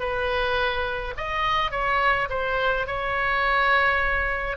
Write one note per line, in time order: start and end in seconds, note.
0.00 1.14 B4
1.18 1.72 D#5
1.72 2.29 C#5
2.30 2.87 C5
2.87 4.57 C#5